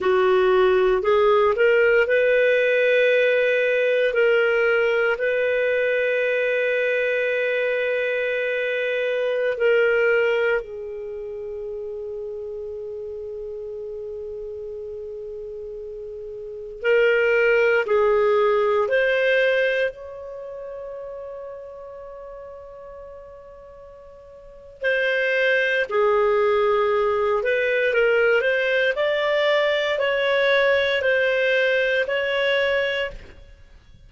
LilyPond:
\new Staff \with { instrumentName = "clarinet" } { \time 4/4 \tempo 4 = 58 fis'4 gis'8 ais'8 b'2 | ais'4 b'2.~ | b'4~ b'16 ais'4 gis'4.~ gis'16~ | gis'1~ |
gis'16 ais'4 gis'4 c''4 cis''8.~ | cis''1 | c''4 gis'4. b'8 ais'8 c''8 | d''4 cis''4 c''4 cis''4 | }